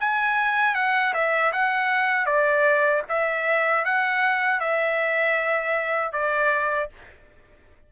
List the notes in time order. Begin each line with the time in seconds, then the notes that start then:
0.00 G#5
0.74 F#5
1.14 E5
1.52 F#5
2.26 D5
3.09 E5
3.85 F#5
4.60 E5
6.13 D5